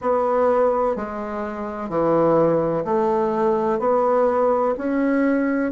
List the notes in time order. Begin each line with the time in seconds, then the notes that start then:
0.01 B3
0.96 G#3
1.89 E3
2.84 A3
3.79 B3
4.77 C#4